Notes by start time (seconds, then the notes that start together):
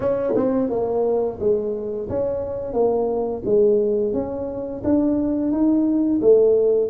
0.00 C#4
0.35 C4
0.69 A#3
1.39 G#3
2.09 C#4
2.73 A#3
3.45 G#3
4.13 C#4
4.84 D4
5.51 D#4
6.21 A3